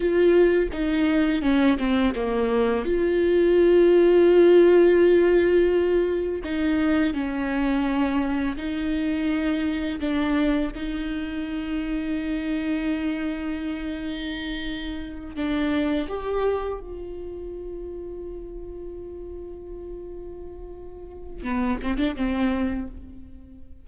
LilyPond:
\new Staff \with { instrumentName = "viola" } { \time 4/4 \tempo 4 = 84 f'4 dis'4 cis'8 c'8 ais4 | f'1~ | f'4 dis'4 cis'2 | dis'2 d'4 dis'4~ |
dis'1~ | dis'4. d'4 g'4 f'8~ | f'1~ | f'2 b8 c'16 d'16 c'4 | }